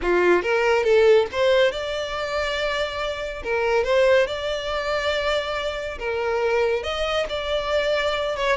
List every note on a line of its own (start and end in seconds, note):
0.02 0.42 F4
0.42 0.83 A#4
0.83 1.26 A4
1.32 1.71 C5
1.71 3.43 D5
3.43 3.84 A#4
3.84 4.26 C5
4.26 5.98 D5
5.98 6.83 A#4
6.83 7.25 D#5
7.29 8.36 D5
8.36 8.56 C#5